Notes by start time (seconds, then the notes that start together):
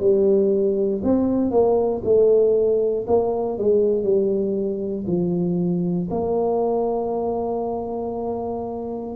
0.00 G3
1.03 C4
1.51 A#3
2.04 A3
3.07 A#3
3.58 G#3
4.03 G3
5.07 F3
6.11 A#3